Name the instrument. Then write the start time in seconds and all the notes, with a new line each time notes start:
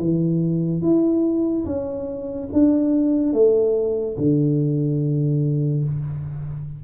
tuba
0.00 E3
0.82 E4
1.66 C#4
2.53 D4
3.34 A3
4.18 D3